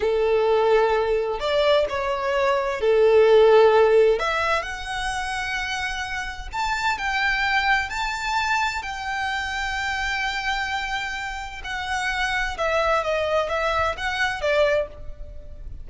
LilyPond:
\new Staff \with { instrumentName = "violin" } { \time 4/4 \tempo 4 = 129 a'2. d''4 | cis''2 a'2~ | a'4 e''4 fis''2~ | fis''2 a''4 g''4~ |
g''4 a''2 g''4~ | g''1~ | g''4 fis''2 e''4 | dis''4 e''4 fis''4 d''4 | }